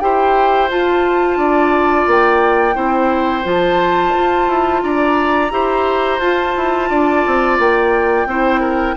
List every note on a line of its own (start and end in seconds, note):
0.00 0.71 E4
0.00 0.70 G4
0.00 1.39 C5
0.00 0.69 G5
0.70 2.74 F4
0.70 1.37 F4
0.70 2.09 A5
1.37 2.06 D4
1.37 2.75 D5
2.07 2.76 A#3
2.07 3.48 G5
2.74 3.45 C4
2.74 3.43 E4
2.74 4.82 C5
3.44 4.14 F3
3.44 5.51 F4
3.44 4.82 A5
4.15 4.48 F4
4.48 4.82 E4
4.82 5.51 D4
4.82 5.52 D5
4.82 6.20 A#5
5.51 6.19 E4
5.51 6.20 G4
5.51 6.90 C5
6.19 6.54 F4
6.19 8.28 F4
6.19 7.57 A5
6.57 6.90 E4
6.90 7.25 D4
6.90 8.28 D5
7.27 7.59 C4
7.59 8.26 A#3
7.59 8.97 G5
8.26 8.95 C4
8.26 8.97 E4
8.26 8.61 C5
8.61 8.95 A#4